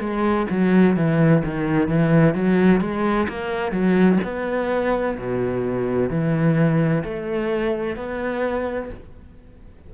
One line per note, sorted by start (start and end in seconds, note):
0.00 0.47 G#3
0.50 0.96 F#3
0.96 1.43 E3
1.44 1.88 D#3
1.88 2.35 E3
2.35 2.80 F#3
2.80 3.27 G#3
3.29 3.72 A#3
3.72 4.18 F#3
4.24 5.18 B3
5.18 6.10 B2
6.10 7.04 E3
7.04 7.96 A3
7.96 8.90 B3